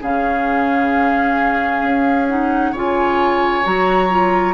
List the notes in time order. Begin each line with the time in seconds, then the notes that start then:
0.00 C#3 C#4 G#4 F5
1.82 C#4
2.28 D#4 F#5
2.72 C#3 F4 C#5 G#5
3.63 F#3 F#4 A#5
4.10 F4